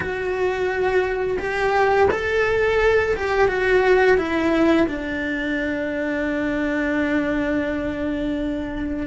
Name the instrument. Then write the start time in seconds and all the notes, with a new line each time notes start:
cello
0.00 F#4
1.38 G4
2.11 A4
3.16 G4
3.48 F#4
4.17 E4
4.88 D4